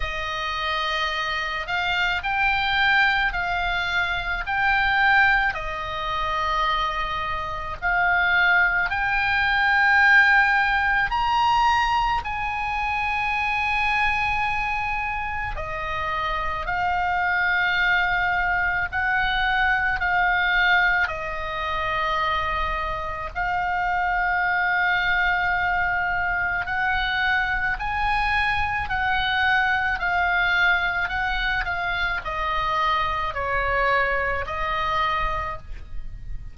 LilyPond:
\new Staff \with { instrumentName = "oboe" } { \time 4/4 \tempo 4 = 54 dis''4. f''8 g''4 f''4 | g''4 dis''2 f''4 | g''2 ais''4 gis''4~ | gis''2 dis''4 f''4~ |
f''4 fis''4 f''4 dis''4~ | dis''4 f''2. | fis''4 gis''4 fis''4 f''4 | fis''8 f''8 dis''4 cis''4 dis''4 | }